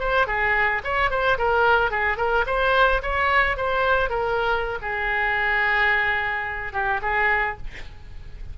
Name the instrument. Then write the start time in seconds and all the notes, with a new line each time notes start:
oboe
0.00 C5
0.27 G#4
0.85 C#5
1.11 C5
1.38 A#4
1.91 G#4
2.17 A#4
2.47 C5
3.03 C#5
3.57 C5
4.10 A#4
4.82 G#4
6.73 G4
7.02 G#4